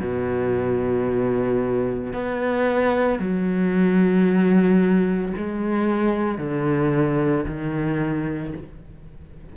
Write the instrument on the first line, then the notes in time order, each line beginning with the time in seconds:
cello
0.00 B2
2.13 B3
3.19 F#3
5.37 G#3
6.38 D3
7.46 D#3